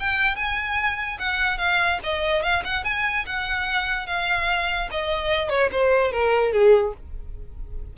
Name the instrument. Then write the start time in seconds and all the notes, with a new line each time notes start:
violin
0.00 G5
0.36 G#5
1.19 F#5
1.58 F5
2.04 D#5
2.43 F5
2.64 F#5
2.85 G#5
3.26 F#5
4.07 F5
4.91 D#5
5.50 C#5
5.72 C5
6.12 A#4
6.53 G#4